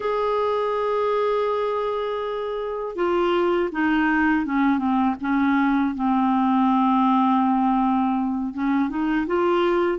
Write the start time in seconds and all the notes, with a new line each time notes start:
0.00 G#4
2.95 F4
3.72 D#4
4.45 C#4
4.78 C4
5.21 C#4
5.94 C4
8.54 C#4
8.89 D#4
9.26 F4